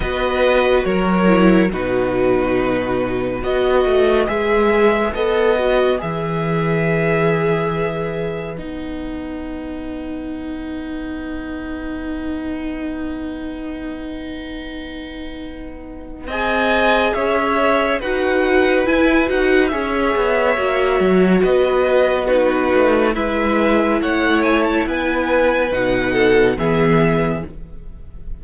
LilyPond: <<
  \new Staff \with { instrumentName = "violin" } { \time 4/4 \tempo 4 = 70 dis''4 cis''4 b'2 | dis''4 e''4 dis''4 e''4~ | e''2 fis''2~ | fis''1~ |
fis''2. gis''4 | e''4 fis''4 gis''8 fis''8 e''4~ | e''4 dis''4 b'4 e''4 | fis''8 gis''16 a''16 gis''4 fis''4 e''4 | }
  \new Staff \with { instrumentName = "violin" } { \time 4/4 b'4 ais'4 fis'2 | b'1~ | b'1~ | b'1~ |
b'2. dis''4 | cis''4 b'2 cis''4~ | cis''4 b'4 fis'4 b'4 | cis''4 b'4. a'8 gis'4 | }
  \new Staff \with { instrumentName = "viola" } { \time 4/4 fis'4. e'8 dis'2 | fis'4 gis'4 a'8 fis'8 gis'4~ | gis'2 dis'2~ | dis'1~ |
dis'2. gis'4~ | gis'4 fis'4 e'8 fis'8 gis'4 | fis'2 dis'4 e'4~ | e'2 dis'4 b4 | }
  \new Staff \with { instrumentName = "cello" } { \time 4/4 b4 fis4 b,2 | b8 a8 gis4 b4 e4~ | e2 b2~ | b1~ |
b2. c'4 | cis'4 dis'4 e'8 dis'8 cis'8 b8 | ais8 fis8 b4. a8 gis4 | a4 b4 b,4 e4 | }
>>